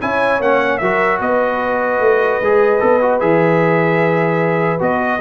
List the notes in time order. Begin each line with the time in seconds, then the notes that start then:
0.00 C#4 E4 C#5 G#5
0.40 A#3 C#4 F#5
0.78 F#3 F#4 A#4 E5
1.20 B3 B4 D#5
1.99 A3
2.41 G#3 G#4
2.79 B3 A4
3.01 F#4
3.20 E3 G#4 E5
4.79 B3 F#4 D#5